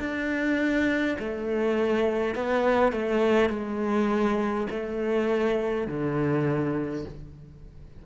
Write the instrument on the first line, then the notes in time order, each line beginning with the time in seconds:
cello
0.00 D4
1.19 A3
2.35 B3
2.93 A3
3.50 G#3
4.71 A3
5.88 D3